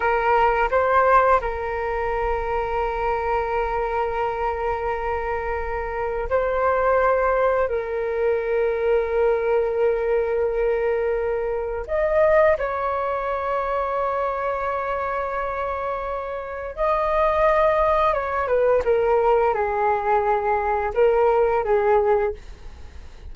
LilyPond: \new Staff \with { instrumentName = "flute" } { \time 4/4 \tempo 4 = 86 ais'4 c''4 ais'2~ | ais'1~ | ais'4 c''2 ais'4~ | ais'1~ |
ais'4 dis''4 cis''2~ | cis''1 | dis''2 cis''8 b'8 ais'4 | gis'2 ais'4 gis'4 | }